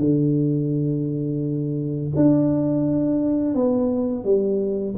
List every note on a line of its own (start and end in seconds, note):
0.00 2.12 D3
2.17 3.55 D4
3.55 4.24 B3
4.24 4.95 G3